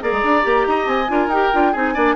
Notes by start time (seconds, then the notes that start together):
0.00 A#3 G#4 D5 A#5
0.12 G#3
0.23 D4
0.42 A#3 G4
0.67 D#4 D#5
0.87 C4 G#5
1.08 D4 F4 A#4
1.27 D#4 G4 G5
1.53 D4 F4
1.72 C4 D#4 G#4 G#5
1.94 A#3 D4 D5